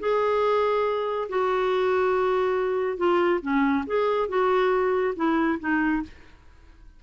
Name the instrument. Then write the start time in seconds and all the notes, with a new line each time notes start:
clarinet
0.00 G#4
1.29 F#4
2.98 F4
3.42 C#4
3.87 G#4
4.29 F#4
5.16 E4
5.60 D#4